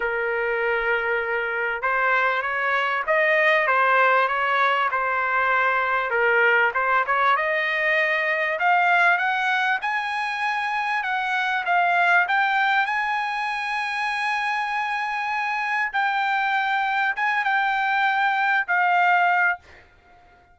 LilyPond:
\new Staff \with { instrumentName = "trumpet" } { \time 4/4 \tempo 4 = 98 ais'2. c''4 | cis''4 dis''4 c''4 cis''4 | c''2 ais'4 c''8 cis''8 | dis''2 f''4 fis''4 |
gis''2 fis''4 f''4 | g''4 gis''2.~ | gis''2 g''2 | gis''8 g''2 f''4. | }